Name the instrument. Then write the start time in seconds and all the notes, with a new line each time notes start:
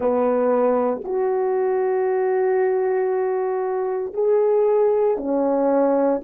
horn
0.00 B3
1.03 F#4
4.13 G#4
5.17 C#4